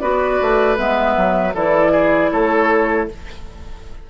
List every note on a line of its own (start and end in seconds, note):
0.00 0.41 B3
0.00 0.77 F#4
0.00 1.55 B4
0.00 0.77 D5
0.42 0.78 A3
0.77 1.17 G#3
0.77 1.54 B3
0.77 1.55 E5
1.17 1.55 F#3
1.55 2.32 E3
1.55 3.10 E4
1.55 1.92 A4
1.55 2.32 D5
1.92 2.31 G#4
2.32 3.09 A3
2.32 3.09 A4
2.32 3.09 C#5